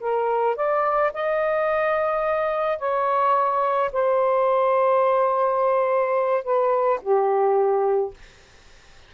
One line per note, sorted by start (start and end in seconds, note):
0.00 0.56 A#4
0.56 1.12 D5
1.14 2.79 D#5
2.79 3.91 C#5
3.93 6.44 C5
6.44 7.00 B4
7.02 8.14 G4